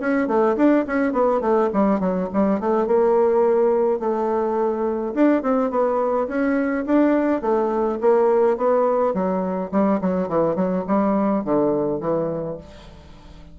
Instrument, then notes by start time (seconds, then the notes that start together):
bassoon
0.00 C#4
0.28 A3
0.57 D4
0.87 C#4
1.13 B3
1.41 A3
1.74 G3
2.00 F#3
2.33 G3
2.60 A3
2.87 A#3
4.00 A3
5.15 D4
5.43 C4
5.71 B3
6.28 C#4
6.86 D4
7.42 A3
8.01 A#3
8.57 B3
9.14 F#3
9.72 G3
10.01 F#3
10.29 E3
10.56 F#3
10.87 G3
11.44 D3
12.01 E3